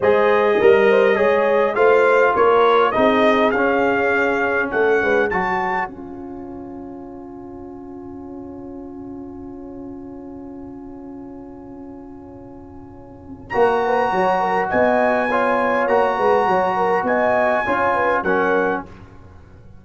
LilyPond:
<<
  \new Staff \with { instrumentName = "trumpet" } { \time 4/4 \tempo 4 = 102 dis''2. f''4 | cis''4 dis''4 f''2 | fis''4 a''4 gis''2~ | gis''1~ |
gis''1~ | gis''2. ais''4~ | ais''4 gis''2 ais''4~ | ais''4 gis''2 fis''4 | }
  \new Staff \with { instrumentName = "horn" } { \time 4/4 c''4 ais'8 c''8 cis''4 c''4 | ais'4 gis'2. | a'8 b'8 cis''2.~ | cis''1~ |
cis''1~ | cis''2.~ cis''8 b'8 | cis''8 ais'8 dis''4 cis''4. b'8 | cis''8 ais'8 dis''4 cis''8 b'8 ais'4 | }
  \new Staff \with { instrumentName = "trombone" } { \time 4/4 gis'4 ais'4 gis'4 f'4~ | f'4 dis'4 cis'2~ | cis'4 fis'4 f'2~ | f'1~ |
f'1~ | f'2. fis'4~ | fis'2 f'4 fis'4~ | fis'2 f'4 cis'4 | }
  \new Staff \with { instrumentName = "tuba" } { \time 4/4 gis4 g4 gis4 a4 | ais4 c'4 cis'2 | a8 gis8 fis4 cis'2~ | cis'1~ |
cis'1~ | cis'2. ais4 | fis4 b2 ais8 gis8 | fis4 b4 cis'4 fis4 | }
>>